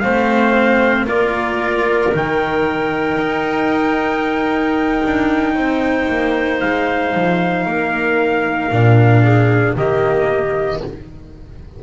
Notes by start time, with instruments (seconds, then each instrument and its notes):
0.00 double bass A3, cello C4, clarinet C5, trumpet F5
1.06 double bass A#3, cello F4, clarinet A#4, trumpet D5
2.13 double bass D#3, cello D#4, trumpet G5
3.18 double bass D#4
5.05 double bass D4
5.55 double bass C4, clarinet C5
6.09 double bass A#3
6.61 double bass G#3, trumpet F5
7.15 double bass F3
7.66 double bass A#3, clarinet A#4
8.71 double bass A#2, cello D4
9.23 clarinet G#4
9.76 double bass D#3, cello A#3, clarinet G4, trumpet D#5